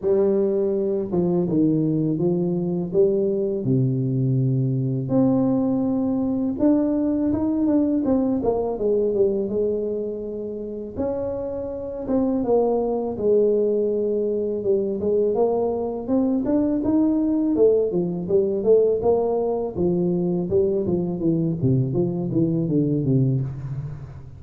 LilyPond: \new Staff \with { instrumentName = "tuba" } { \time 4/4 \tempo 4 = 82 g4. f8 dis4 f4 | g4 c2 c'4~ | c'4 d'4 dis'8 d'8 c'8 ais8 | gis8 g8 gis2 cis'4~ |
cis'8 c'8 ais4 gis2 | g8 gis8 ais4 c'8 d'8 dis'4 | a8 f8 g8 a8 ais4 f4 | g8 f8 e8 c8 f8 e8 d8 c8 | }